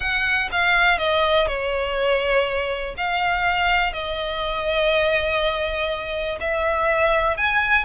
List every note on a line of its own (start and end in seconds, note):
0.00 0.49 F#5
0.51 0.98 F5
0.98 1.47 D#5
1.47 2.94 C#5
2.97 3.92 F5
3.92 6.38 D#5
6.40 7.37 E5
7.37 7.84 G#5